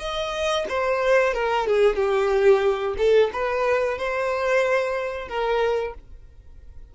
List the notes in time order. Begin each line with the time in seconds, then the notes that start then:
0.00 D#5
0.69 C5
1.34 A#4
1.67 G#4
1.96 G4
2.98 A4
3.33 B4
3.98 C5
5.29 A#4